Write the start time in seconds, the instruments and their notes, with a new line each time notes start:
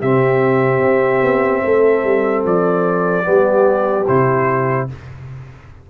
0.00 tuba C3, trombone C4, horn G4, trumpet E5
0.81 tuba C4
1.23 tuba B3
1.65 tuba A3, horn A4
2.04 tuba G3
2.45 tuba F3, trumpet D5
3.24 tuba G3, trombone B3, horn G4
4.08 tuba C3, trombone E4, trumpet C5